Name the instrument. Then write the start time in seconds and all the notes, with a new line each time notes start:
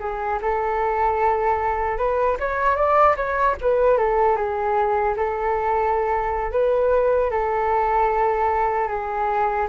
flute
0.00 G#4
0.42 A4
1.98 B4
2.40 C#5
2.76 D5
3.17 C#5
3.61 B4
3.98 A4
4.37 G#4
5.17 A4
6.52 B4
7.31 A4
8.89 G#4